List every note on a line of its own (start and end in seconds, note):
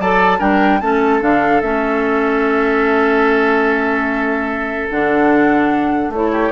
0.00 0.40 F#3
0.00 0.39 A4
0.00 0.38 D5
0.00 0.40 A5
0.38 0.81 G3
0.38 0.80 D4
0.38 0.79 A#4
0.38 0.80 G5
0.80 1.22 A3
0.80 1.21 C#4
0.80 6.31 A4
0.80 1.21 A5
1.21 1.62 D3
1.21 1.61 D4
1.21 1.61 F5
1.61 4.89 A3
1.61 4.89 C#4
1.61 4.87 E5
4.90 6.09 D3
4.90 6.13 D4
4.90 6.12 F#5
6.09 6.50 A3
6.09 6.52 E4
6.09 6.52 C#5
6.31 6.52 G4